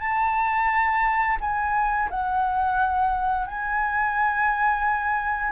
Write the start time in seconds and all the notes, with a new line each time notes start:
0.00 A5
1.41 G#5
2.11 F#5
3.47 G#5